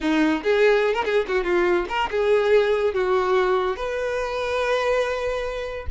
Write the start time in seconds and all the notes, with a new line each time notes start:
0.00 D#4
0.43 G#4
0.93 A#4
1.04 G#4
1.28 F#4
1.44 F4
1.88 A#4
2.11 G#4
2.94 F#4
3.76 B4